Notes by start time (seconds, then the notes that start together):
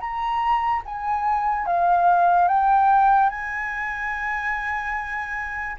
0.00 A#5
0.86 G#5
1.67 F5
2.48 G5
3.30 G#5